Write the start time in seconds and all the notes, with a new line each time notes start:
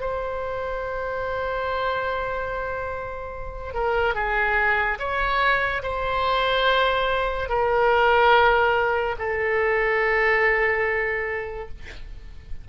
0.00 C5
3.73 A#4
4.14 G#4
4.99 C#5
5.83 C5
7.49 A#4
9.19 A4